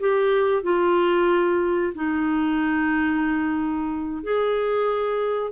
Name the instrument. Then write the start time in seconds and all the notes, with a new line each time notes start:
clarinet
0.00 G4
0.63 F4
1.95 D#4
4.23 G#4